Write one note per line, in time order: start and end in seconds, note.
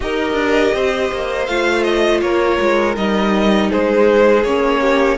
0.00 0.33 D#4
0.00 1.46 G4
0.00 0.74 A#4
0.00 1.46 D#5
0.33 0.70 D4
0.73 1.10 C4
0.73 2.23 C5
1.11 1.47 A#3
1.46 2.21 A3
1.46 2.96 F4
1.46 1.83 F5
1.83 2.20 D#5
2.21 2.58 A#3
2.21 3.70 A#4
2.21 2.95 C#5
2.60 2.96 G#3
2.96 3.70 G3
2.96 4.44 D#4
2.96 3.71 D#5
3.70 4.44 G#3
3.70 4.81 G#4
3.70 4.43 C5
4.43 5.17 A#3
4.43 5.17 C#4
4.43 5.17 C#5
4.81 5.17 G4